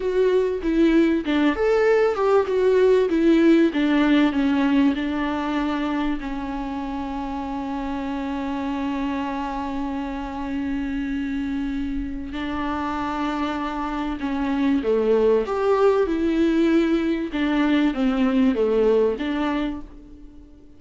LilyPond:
\new Staff \with { instrumentName = "viola" } { \time 4/4 \tempo 4 = 97 fis'4 e'4 d'8 a'4 g'8 | fis'4 e'4 d'4 cis'4 | d'2 cis'2~ | cis'1~ |
cis'1 | d'2. cis'4 | a4 g'4 e'2 | d'4 c'4 a4 d'4 | }